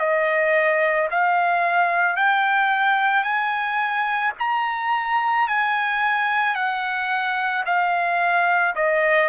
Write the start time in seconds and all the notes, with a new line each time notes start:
0.00 D#5
1.11 F5
2.16 G5
3.24 G#5
4.39 A#5
5.48 G#5
6.56 F#5
7.66 F5
8.76 D#5